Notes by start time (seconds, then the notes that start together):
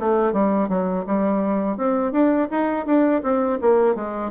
0.00 A3
0.34 G3
0.69 F#3
1.07 G3
1.78 C4
2.12 D4
2.51 D#4
2.87 D4
3.23 C4
3.61 A#3
3.96 G#3